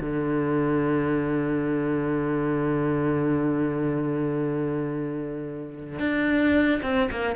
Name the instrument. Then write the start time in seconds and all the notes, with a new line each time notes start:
cello
0.00 D3
5.99 D4
6.82 C4
7.11 A#3